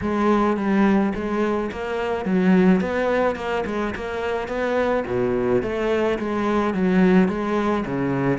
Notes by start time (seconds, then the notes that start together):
0.01 G#3
0.56 G3
1.14 G#3
1.71 A#3
2.25 F#3
2.80 B3
3.35 A#3
3.66 G#3
3.95 A#3
4.48 B3
5.06 B2
5.62 A3
6.19 G#3
6.74 F#3
7.28 G#3
7.85 C#3